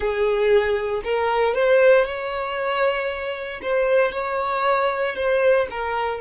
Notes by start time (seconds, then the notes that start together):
0.00 G#4
1.03 A#4
1.54 C5
2.05 C#5
3.62 C5
4.11 C#5
5.15 C5
5.70 A#4